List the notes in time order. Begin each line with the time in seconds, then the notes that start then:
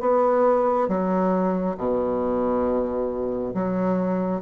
0.00 B3
0.88 F#3
1.77 B2
3.54 F#3